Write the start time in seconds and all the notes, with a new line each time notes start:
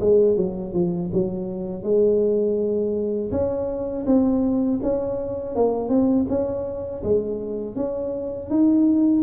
0.00 G#3
0.37 F#3
0.73 F3
1.13 F#3
1.83 G#3
3.31 C#4
4.06 C4
4.82 C#4
5.56 A#3
5.89 C4
6.29 C#4
7.04 G#3
7.76 C#4
8.50 D#4